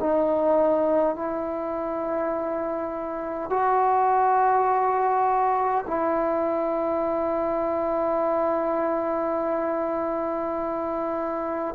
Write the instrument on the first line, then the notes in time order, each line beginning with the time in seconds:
trombone
0.00 D#4
1.16 E4
3.50 F#4
5.87 E4